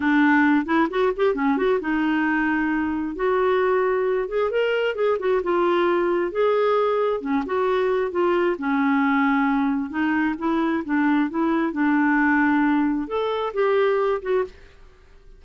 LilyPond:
\new Staff \with { instrumentName = "clarinet" } { \time 4/4 \tempo 4 = 133 d'4. e'8 fis'8 g'8 cis'8 fis'8 | dis'2. fis'4~ | fis'4. gis'8 ais'4 gis'8 fis'8 | f'2 gis'2 |
cis'8 fis'4. f'4 cis'4~ | cis'2 dis'4 e'4 | d'4 e'4 d'2~ | d'4 a'4 g'4. fis'8 | }